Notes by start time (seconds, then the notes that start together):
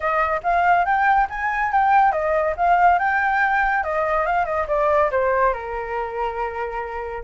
0.00 D#5
0.43 F5
0.85 G5
1.29 G#5
1.72 G5
2.12 D#5
2.56 F5
2.98 G5
3.83 D#5
4.26 F5
4.45 D#5
4.67 D5
5.11 C5
5.53 A#4